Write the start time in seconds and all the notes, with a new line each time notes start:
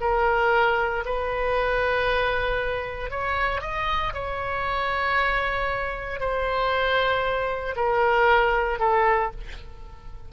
0.00 A#4
1.05 B4
3.10 C#5
3.61 D#5
4.13 C#5
6.20 C5
7.76 A#4
8.79 A4